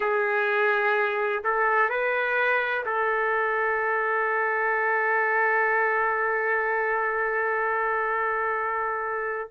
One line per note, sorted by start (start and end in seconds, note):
0.00 1.43 G#4
1.44 1.89 A4
1.89 2.84 B4
2.85 9.50 A4